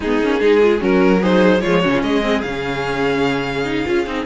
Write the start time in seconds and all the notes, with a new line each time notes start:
0.00 G#3 B3 D#4 G#4
0.22 A#3 C#4
0.40 G#3 D#4 G#4
0.62 F4
0.79 F#3 C#4 F#4 A#4
1.21 D#4 G#4 C5
1.60 F3 G#3 F4 C#5
1.81 C#3 C#4 F#4
1.92 F4
2.02 G#3 G#4 D#5
2.22 C4
2.41 C#3 C#4 F5
3.64 D#4
3.85 C#4 F4
4.06 C4 D#4